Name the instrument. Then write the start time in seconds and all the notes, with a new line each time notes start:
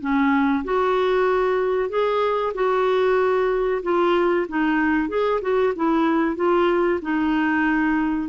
clarinet
0.00 C#4
0.64 F#4
1.89 G#4
2.54 F#4
3.82 F4
4.48 D#4
5.08 G#4
5.41 F#4
5.76 E4
6.36 F4
7.02 D#4